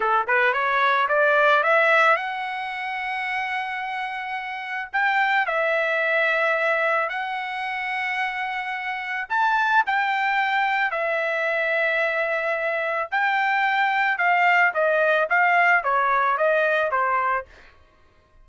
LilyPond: \new Staff \with { instrumentName = "trumpet" } { \time 4/4 \tempo 4 = 110 a'8 b'8 cis''4 d''4 e''4 | fis''1~ | fis''4 g''4 e''2~ | e''4 fis''2.~ |
fis''4 a''4 g''2 | e''1 | g''2 f''4 dis''4 | f''4 cis''4 dis''4 c''4 | }